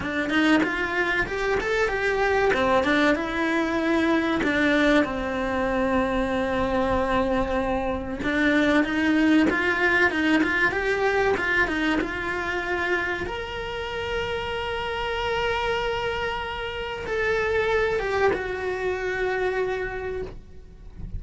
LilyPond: \new Staff \with { instrumentName = "cello" } { \time 4/4 \tempo 4 = 95 d'8 dis'8 f'4 g'8 a'8 g'4 | c'8 d'8 e'2 d'4 | c'1~ | c'4 d'4 dis'4 f'4 |
dis'8 f'8 g'4 f'8 dis'8 f'4~ | f'4 ais'2.~ | ais'2. a'4~ | a'8 g'8 fis'2. | }